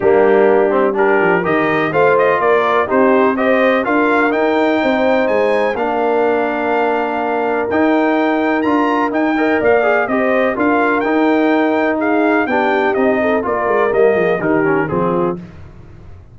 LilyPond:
<<
  \new Staff \with { instrumentName = "trumpet" } { \time 4/4 \tempo 4 = 125 g'2 ais'4 dis''4 | f''8 dis''8 d''4 c''4 dis''4 | f''4 g''2 gis''4 | f''1 |
g''2 ais''4 g''4 | f''4 dis''4 f''4 g''4~ | g''4 f''4 g''4 dis''4 | d''4 dis''4 ais'4 gis'4 | }
  \new Staff \with { instrumentName = "horn" } { \time 4/4 d'2 g'4 ais'4 | c''4 ais'4 g'4 c''4 | ais'2 c''2 | ais'1~ |
ais'2.~ ais'8 dis''8 | d''4 c''4 ais'2~ | ais'4 gis'4 g'4. a'8 | ais'4. gis'8 g'4 f'4 | }
  \new Staff \with { instrumentName = "trombone" } { \time 4/4 ais4. c'8 d'4 g'4 | f'2 dis'4 g'4 | f'4 dis'2. | d'1 |
dis'2 f'4 dis'8 ais'8~ | ais'8 gis'8 g'4 f'4 dis'4~ | dis'2 d'4 dis'4 | f'4 ais4 dis'8 cis'8 c'4 | }
  \new Staff \with { instrumentName = "tuba" } { \time 4/4 g2~ g8 f8 dis4 | a4 ais4 c'2 | d'4 dis'4 c'4 gis4 | ais1 |
dis'2 d'4 dis'4 | ais4 c'4 d'4 dis'4~ | dis'2 b4 c'4 | ais8 gis8 g8 f8 dis4 f4 | }
>>